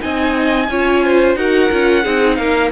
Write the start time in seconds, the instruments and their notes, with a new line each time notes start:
0.00 cello C4, viola D#4, violin D#5 G#5
0.69 cello C#4, viola F4, violin C#5
1.05 violin C5
1.36 cello D#4, viola F#4, violin A#4 F#5
1.71 cello C#4, viola F4
2.04 cello C4, viola D#4, violin G#4
2.36 cello A#3, violin A#4 F5